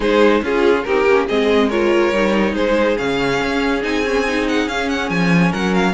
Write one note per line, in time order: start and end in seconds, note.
0.00 0.42 G#3
0.00 0.43 D#4
0.00 0.41 G#4
0.00 0.44 C5
0.42 0.84 C#4
0.42 0.85 F4
0.42 0.86 F4
0.42 0.84 G#4
0.84 1.04 C4
0.84 1.08 D#4
0.84 1.28 G4
0.84 1.26 A#4
1.04 1.26 A#3
1.04 1.28 C#4
1.28 2.11 G#3
1.28 1.71 C4
1.28 1.68 G#4
1.28 1.70 D#5
1.68 2.13 F4
1.68 2.53 A#4
1.68 2.55 C#5
2.11 2.53 G3
2.11 2.96 D#4
2.53 2.96 G#3
2.53 5.50 G#4
2.53 2.97 C5
2.96 3.41 C#3
2.96 3.81 C#4
2.96 3.82 F5
3.42 3.83 C#4
3.82 4.67 C4
3.82 4.03 D#4
3.82 4.47 G#5
4.05 4.26 C#4
4.27 4.69 D#4
4.48 4.68 F#5
4.67 5.09 C#4
4.67 5.93 C#4
4.67 4.89 F5
4.89 5.09 F#5
5.09 5.52 F3
5.09 5.52 G#5
5.50 5.93 F#3
5.50 5.93 A#4
5.50 5.74 F#5
5.74 5.93 F5